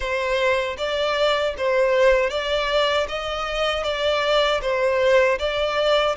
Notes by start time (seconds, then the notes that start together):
0.00 C5
0.77 D5
1.57 C5
2.29 D5
3.08 D#5
3.83 D5
4.61 C5
5.38 D5